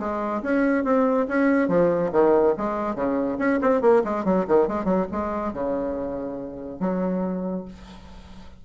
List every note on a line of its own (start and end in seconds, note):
0.00 0.43 G#3
0.43 0.85 C#4
0.85 1.27 C4
1.29 1.69 C#4
1.69 2.11 F3
2.13 2.55 D#3
2.58 2.96 G#3
2.96 3.38 C#3
3.39 3.60 C#4
3.62 3.82 C4
3.82 4.03 A#3
4.04 4.25 G#3
4.25 4.46 F#3
4.48 4.68 D#3
4.68 4.85 G#3
4.85 5.07 F#3
5.12 5.54 G#3
5.54 6.80 C#3
6.80 7.66 F#3